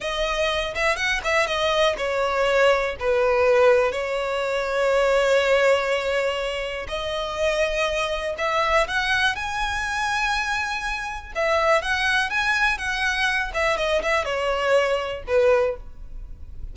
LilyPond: \new Staff \with { instrumentName = "violin" } { \time 4/4 \tempo 4 = 122 dis''4. e''8 fis''8 e''8 dis''4 | cis''2 b'2 | cis''1~ | cis''2 dis''2~ |
dis''4 e''4 fis''4 gis''4~ | gis''2. e''4 | fis''4 gis''4 fis''4. e''8 | dis''8 e''8 cis''2 b'4 | }